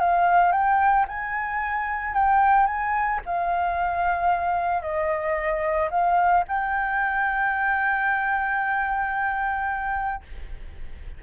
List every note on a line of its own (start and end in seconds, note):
0.00 0.52 F5
0.52 1.06 G5
1.08 2.14 G#5
2.14 2.66 G5
2.66 3.20 G#5
3.26 4.82 F5
4.82 5.89 D#5
5.90 6.44 F5
6.48 10.23 G5